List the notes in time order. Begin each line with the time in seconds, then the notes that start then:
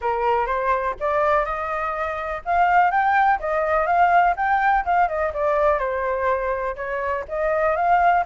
0.01 A#4
0.46 C5
1.00 D5
1.45 D#5
2.45 F5
2.90 G5
3.39 D#5
3.86 F5
4.36 G5
4.85 F5
5.08 D#5
5.33 D5
5.78 C5
6.76 C#5
7.28 D#5
7.76 F5